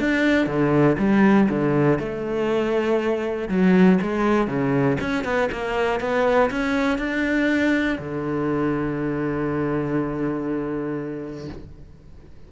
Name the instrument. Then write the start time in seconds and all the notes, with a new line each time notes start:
cello
0.00 D4
0.47 D3
0.98 G3
1.49 D3
1.99 A3
3.49 F#3
4.02 G#3
4.48 C#3
5.01 C#4
5.24 B3
5.52 A#3
6.00 B3
6.51 C#4
6.98 D4
7.99 D3